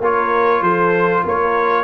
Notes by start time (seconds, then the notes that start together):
0.00 A#3 F4 A#4 C#5
0.61 F3 A4 C5
1.24 A#3 A#4 C#5